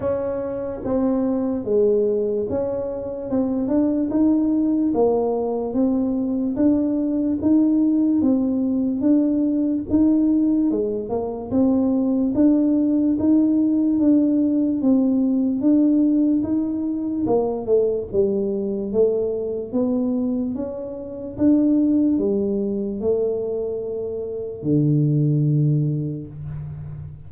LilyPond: \new Staff \with { instrumentName = "tuba" } { \time 4/4 \tempo 4 = 73 cis'4 c'4 gis4 cis'4 | c'8 d'8 dis'4 ais4 c'4 | d'4 dis'4 c'4 d'4 | dis'4 gis8 ais8 c'4 d'4 |
dis'4 d'4 c'4 d'4 | dis'4 ais8 a8 g4 a4 | b4 cis'4 d'4 g4 | a2 d2 | }